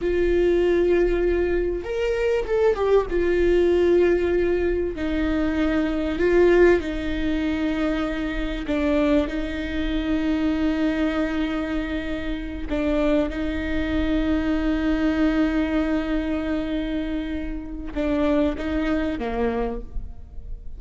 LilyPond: \new Staff \with { instrumentName = "viola" } { \time 4/4 \tempo 4 = 97 f'2. ais'4 | a'8 g'8 f'2. | dis'2 f'4 dis'4~ | dis'2 d'4 dis'4~ |
dis'1~ | dis'8 d'4 dis'2~ dis'8~ | dis'1~ | dis'4 d'4 dis'4 ais4 | }